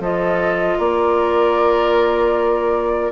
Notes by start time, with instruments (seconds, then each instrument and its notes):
0.00 bassoon F3, clarinet F4, oboe A4, flute D#5
0.79 bassoon A#3, oboe A#4, flute D5